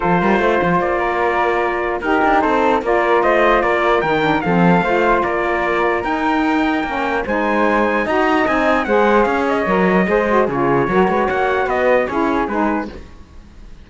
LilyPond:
<<
  \new Staff \with { instrumentName = "trumpet" } { \time 4/4 \tempo 4 = 149 c''2 d''2~ | d''4 ais'4 c''4 d''4 | dis''4 d''4 g''4 f''4~ | f''4 d''2 g''4~ |
g''2 gis''2 | ais''4 gis''4 fis''4 f''8 dis''8~ | dis''2 cis''2 | fis''4 dis''4 cis''4 b'4 | }
  \new Staff \with { instrumentName = "flute" } { \time 4/4 a'8 ais'8 c''4. ais'4.~ | ais'4 g'4 a'4 ais'4 | c''4 ais'2 a'4 | c''4 ais'2.~ |
ais'2 c''2 | dis''2 c''4 cis''4~ | cis''4 c''4 gis'4 ais'8 b'8 | cis''4 b'4 gis'2 | }
  \new Staff \with { instrumentName = "saxophone" } { \time 4/4 f'1~ | f'4 dis'2 f'4~ | f'2 dis'8 d'8 c'4 | f'2. dis'4~ |
dis'4 cis'4 dis'2 | fis'4 dis'4 gis'2 | ais'4 gis'8 fis'8 f'4 fis'4~ | fis'2 e'4 dis'4 | }
  \new Staff \with { instrumentName = "cello" } { \time 4/4 f8 g8 a8 f8 ais2~ | ais4 dis'8 d'8 c'4 ais4 | a4 ais4 dis4 f4 | a4 ais2 dis'4~ |
dis'4 ais4 gis2 | dis'4 c'4 gis4 cis'4 | fis4 gis4 cis4 fis8 gis8 | ais4 b4 cis'4 gis4 | }
>>